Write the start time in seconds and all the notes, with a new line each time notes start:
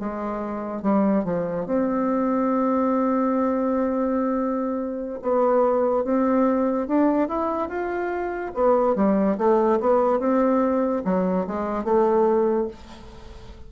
0.00 G#3
0.83 G3
1.25 F3
1.66 C4
5.22 B3
6.05 C4
6.87 D4
7.29 E4
7.69 F4
8.55 B3
8.95 G3
9.38 A3
9.81 B3
10.20 C4
11.05 F#3
11.48 G#3
11.85 A3